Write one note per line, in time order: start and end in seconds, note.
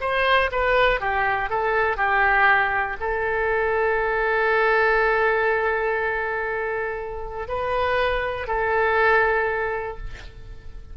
0.00 0.50 C5
0.51 1.00 B4
1.00 1.49 G4
1.49 1.97 A4
1.97 2.97 G4
3.00 7.48 A4
7.48 8.47 B4
8.47 9.97 A4